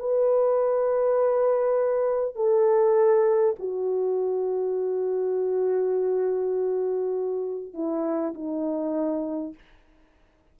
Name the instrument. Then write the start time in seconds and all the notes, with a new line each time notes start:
horn
0.00 B4
2.36 A4
3.59 F#4
7.74 E4
8.35 D#4